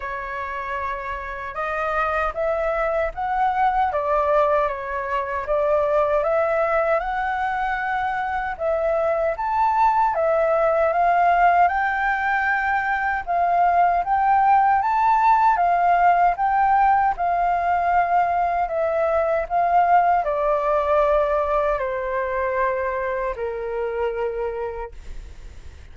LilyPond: \new Staff \with { instrumentName = "flute" } { \time 4/4 \tempo 4 = 77 cis''2 dis''4 e''4 | fis''4 d''4 cis''4 d''4 | e''4 fis''2 e''4 | a''4 e''4 f''4 g''4~ |
g''4 f''4 g''4 a''4 | f''4 g''4 f''2 | e''4 f''4 d''2 | c''2 ais'2 | }